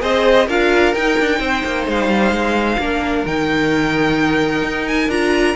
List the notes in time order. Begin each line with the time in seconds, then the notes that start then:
0.00 C4 G#4 C5 D#5
0.47 D4 F4 A#4 F5
0.95 D#4 G5
1.20 D4
1.40 C4 C5
1.65 A#3
1.87 G#3 F5
2.08 G3
2.31 G#3
2.79 A#3 D4 A#4
3.26 D#3 D#4 G5
4.62 D#4
4.88 G#5
5.09 D4 F4 A#5